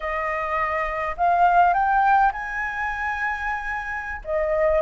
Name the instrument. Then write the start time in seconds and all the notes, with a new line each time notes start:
flute
0.00 D#5
1.17 F5
1.73 G5
2.32 G#5
4.24 D#5